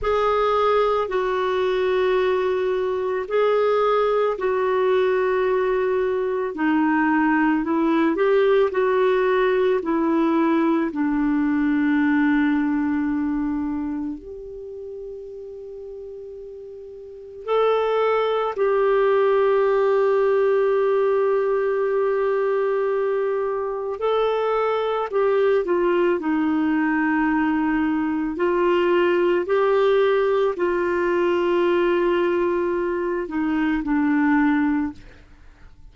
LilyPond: \new Staff \with { instrumentName = "clarinet" } { \time 4/4 \tempo 4 = 55 gis'4 fis'2 gis'4 | fis'2 dis'4 e'8 g'8 | fis'4 e'4 d'2~ | d'4 g'2. |
a'4 g'2.~ | g'2 a'4 g'8 f'8 | dis'2 f'4 g'4 | f'2~ f'8 dis'8 d'4 | }